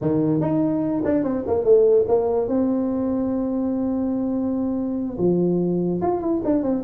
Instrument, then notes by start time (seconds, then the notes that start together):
tuba
0.01 D#3
0.40 D#4
1.05 D4
1.23 C4
1.47 A#3
1.64 A3
2.08 A#3
2.47 C4
5.18 F3
6.01 F4
6.20 E4
6.44 D4
6.62 C4